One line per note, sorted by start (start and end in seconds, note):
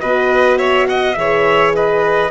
0.00 1.17 B2
0.00 1.15 F#4
0.00 0.59 B4
0.00 0.58 D#5
0.59 0.87 C#5
0.59 0.87 E5
0.89 1.19 D#5
0.89 1.14 F#5
1.14 2.31 E3
1.14 2.31 G#4
1.14 1.76 C#5
1.14 1.72 E5
1.76 2.31 B4
1.76 2.31 D#5